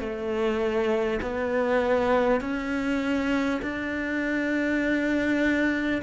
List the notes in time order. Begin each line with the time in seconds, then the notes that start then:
0.00 A3
1.22 B3
2.41 C#4
3.62 D4